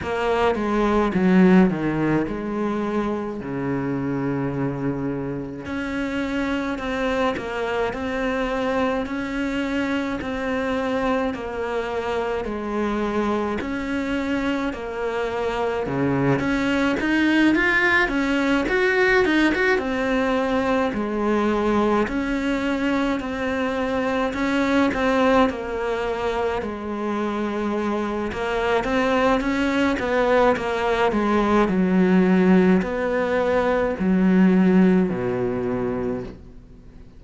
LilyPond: \new Staff \with { instrumentName = "cello" } { \time 4/4 \tempo 4 = 53 ais8 gis8 fis8 dis8 gis4 cis4~ | cis4 cis'4 c'8 ais8 c'4 | cis'4 c'4 ais4 gis4 | cis'4 ais4 cis8 cis'8 dis'8 f'8 |
cis'8 fis'8 dis'16 fis'16 c'4 gis4 cis'8~ | cis'8 c'4 cis'8 c'8 ais4 gis8~ | gis4 ais8 c'8 cis'8 b8 ais8 gis8 | fis4 b4 fis4 b,4 | }